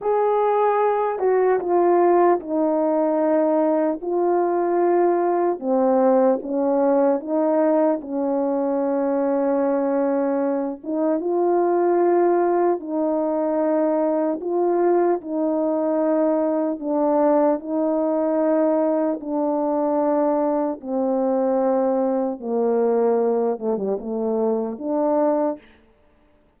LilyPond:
\new Staff \with { instrumentName = "horn" } { \time 4/4 \tempo 4 = 75 gis'4. fis'8 f'4 dis'4~ | dis'4 f'2 c'4 | cis'4 dis'4 cis'2~ | cis'4. dis'8 f'2 |
dis'2 f'4 dis'4~ | dis'4 d'4 dis'2 | d'2 c'2 | ais4. a16 g16 a4 d'4 | }